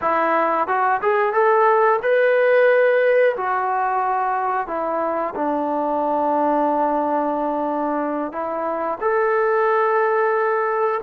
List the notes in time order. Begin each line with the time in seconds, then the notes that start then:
0.01 E4
0.67 F#4
1.02 G#4
1.33 A4
2.02 B4
3.36 F#4
4.67 E4
5.35 D4
8.32 E4
9.00 A4